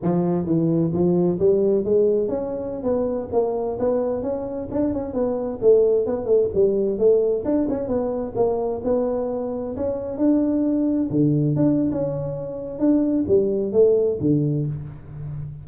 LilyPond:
\new Staff \with { instrumentName = "tuba" } { \time 4/4 \tempo 4 = 131 f4 e4 f4 g4 | gis4 cis'4~ cis'16 b4 ais8.~ | ais16 b4 cis'4 d'8 cis'8 b8.~ | b16 a4 b8 a8 g4 a8.~ |
a16 d'8 cis'8 b4 ais4 b8.~ | b4~ b16 cis'4 d'4.~ d'16~ | d'16 d4 d'8. cis'2 | d'4 g4 a4 d4 | }